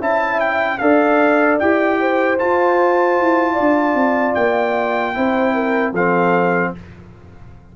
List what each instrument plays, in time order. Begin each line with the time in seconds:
0.00 tuba C#4, trombone E4, horn E5, trumpet A5
0.40 trumpet G5
0.78 tuba D4, trombone A4, horn D5, trumpet F5
1.59 tuba E4, trombone G4, trumpet G5
2.00 horn C5
2.39 trombone F4, tuba F4, trumpet A5
3.19 tuba E4
3.53 horn D5
3.60 tuba D4
3.94 tuba C4
4.35 tuba A#3, trumpet G5
5.14 tuba C4, trombone E4, horn C5
5.54 horn A#4
5.92 tuba F3, trombone C4, horn A4, trumpet F5